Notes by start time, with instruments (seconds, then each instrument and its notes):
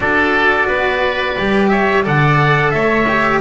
0.00 double bass D4, cello F#4, oboe A4, trumpet D5
0.67 double bass B3, oboe B4
1.38 double bass G3, cello G4
1.68 oboe C#5, trumpet E5
2.03 double bass D3, cello A4, oboe D5, trumpet F#5
2.71 double bass A3, oboe C#5, trumpet E5
3.08 cello G4